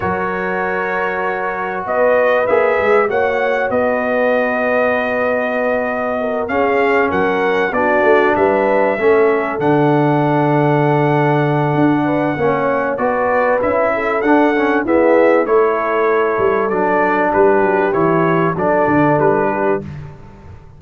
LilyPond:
<<
  \new Staff \with { instrumentName = "trumpet" } { \time 4/4 \tempo 4 = 97 cis''2. dis''4 | e''4 fis''4 dis''2~ | dis''2~ dis''8 f''4 fis''8~ | fis''8 d''4 e''2 fis''8~ |
fis''1~ | fis''4 d''4 e''4 fis''4 | e''4 cis''2 d''4 | b'4 cis''4 d''4 b'4 | }
  \new Staff \with { instrumentName = "horn" } { \time 4/4 ais'2. b'4~ | b'4 cis''4 b'2~ | b'2 ais'8 gis'4 ais'8~ | ais'8 fis'4 b'4 a'4.~ |
a'2.~ a'8 b'8 | cis''4 b'4. a'4. | gis'4 a'2. | g'2 a'4. g'8 | }
  \new Staff \with { instrumentName = "trombone" } { \time 4/4 fis'1 | gis'4 fis'2.~ | fis'2~ fis'8 cis'4.~ | cis'8 d'2 cis'4 d'8~ |
d'1 | cis'4 fis'4 e'4 d'8 cis'8 | b4 e'2 d'4~ | d'4 e'4 d'2 | }
  \new Staff \with { instrumentName = "tuba" } { \time 4/4 fis2. b4 | ais8 gis8 ais4 b2~ | b2~ b8 cis'4 fis8~ | fis8 b8 a8 g4 a4 d8~ |
d2. d'4 | ais4 b4 cis'4 d'4 | e'4 a4. g8 fis4 | g8 fis8 e4 fis8 d8 g4 | }
>>